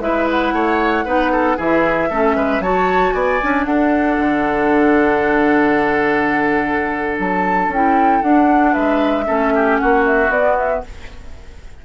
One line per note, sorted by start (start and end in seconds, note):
0.00 0.52 G#3
0.00 1.06 E4
0.00 0.54 B4
0.00 0.28 E5
0.30 1.59 F#5
0.52 1.04 A3
0.52 1.05 C#5
1.05 1.58 B3
1.05 1.57 D#4
1.05 1.31 B4
1.32 1.57 A4
1.57 2.10 E3
1.57 2.09 E4
1.57 2.09 G#4
1.57 2.62 E5
2.10 2.36 A3
2.10 2.62 C#4
2.10 2.36 A4
2.36 2.59 G#3
2.36 2.62 B4
2.59 3.12 F#3
2.59 3.41 F#4
2.59 3.14 C#5
2.59 3.12 A5
3.12 3.40 B3
3.12 3.66 D5
3.12 3.64 G#5
3.42 3.66 C#4
3.42 7.73 D4
3.65 4.18 D4
3.65 8.72 A4
3.65 7.17 F#5
4.18 7.18 D3
7.19 7.67 F#3
7.19 7.72 A5
7.67 8.20 C#4
7.67 8.22 G5
7.74 8.23 E4
8.22 9.25 D4
8.22 8.75 D4
8.22 8.73 F#5
8.72 9.28 G#3
8.72 9.24 B4
8.72 9.77 E5
9.25 9.81 A3
9.25 10.30 C#4
9.25 9.53 A4
9.55 9.81 G4
9.77 10.28 A#3
9.77 10.85 F#4
9.77 10.04 F#5
10.06 10.31 E5
10.28 10.81 B3
10.28 10.85 B3
10.28 10.57 D5
10.58 10.84 E5